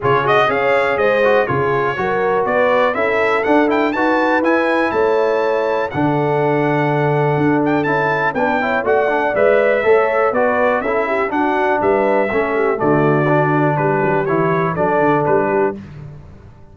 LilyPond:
<<
  \new Staff \with { instrumentName = "trumpet" } { \time 4/4 \tempo 4 = 122 cis''8 dis''8 f''4 dis''4 cis''4~ | cis''4 d''4 e''4 fis''8 g''8 | a''4 gis''4 a''2 | fis''2.~ fis''8 g''8 |
a''4 g''4 fis''4 e''4~ | e''4 d''4 e''4 fis''4 | e''2 d''2 | b'4 cis''4 d''4 b'4 | }
  \new Staff \with { instrumentName = "horn" } { \time 4/4 gis'4 cis''4 c''4 gis'4 | ais'4 b'4 a'2 | b'2 cis''2 | a'1~ |
a'4 b'8 cis''8 d''2 | cis''4 b'4 a'8 g'8 fis'4 | b'4 a'8 g'8 fis'2 | g'2 a'4. g'8 | }
  \new Staff \with { instrumentName = "trombone" } { \time 4/4 f'8 fis'8 gis'4. fis'8 f'4 | fis'2 e'4 d'8 e'8 | fis'4 e'2. | d'1 |
e'4 d'8 e'8 fis'8 d'8 b'4 | a'4 fis'4 e'4 d'4~ | d'4 cis'4 a4 d'4~ | d'4 e'4 d'2 | }
  \new Staff \with { instrumentName = "tuba" } { \time 4/4 cis4 cis'4 gis4 cis4 | fis4 b4 cis'4 d'4 | dis'4 e'4 a2 | d2. d'4 |
cis'4 b4 a4 gis4 | a4 b4 cis'4 d'4 | g4 a4 d2 | g8 fis8 e4 fis8 d8 g4 | }
>>